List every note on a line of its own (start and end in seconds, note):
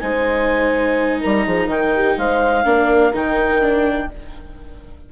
0.00 1.22 G#3
0.00 2.64 D#4
0.00 1.20 C5
0.00 1.20 G#5
1.20 1.46 G3
1.20 1.45 A#4
1.20 1.68 A#5
1.46 1.67 F3
1.46 1.66 G#4
1.66 2.15 D#3
1.66 1.90 A#4
1.66 2.18 G5
1.94 2.18 G4
2.17 2.65 G#3
2.17 2.66 C5
2.17 3.14 F5
2.64 3.12 A#3
2.64 3.12 D4
2.64 4.12 A#4
3.13 4.10 D#3
3.13 3.61 D#4
3.13 4.11 G5
3.61 4.09 D4